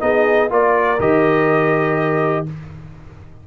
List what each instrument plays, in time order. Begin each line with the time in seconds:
0.00 tuba B3, trombone D#4, horn G#4, trumpet D#5
0.49 tuba A#3, trombone F4, horn A#4, trumpet D5
0.99 tuba D#3, trombone G4, trumpet D#5